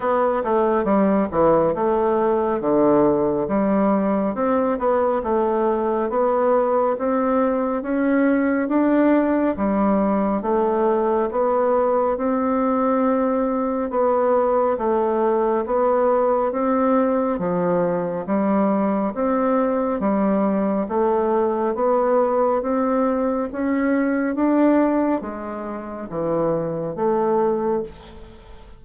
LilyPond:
\new Staff \with { instrumentName = "bassoon" } { \time 4/4 \tempo 4 = 69 b8 a8 g8 e8 a4 d4 | g4 c'8 b8 a4 b4 | c'4 cis'4 d'4 g4 | a4 b4 c'2 |
b4 a4 b4 c'4 | f4 g4 c'4 g4 | a4 b4 c'4 cis'4 | d'4 gis4 e4 a4 | }